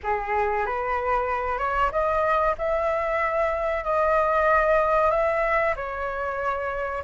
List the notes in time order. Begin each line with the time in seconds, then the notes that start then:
0.03 G#4
0.66 B4
1.58 C#5
1.91 D#5
2.57 E5
3.84 D#5
5.10 E5
5.76 C#5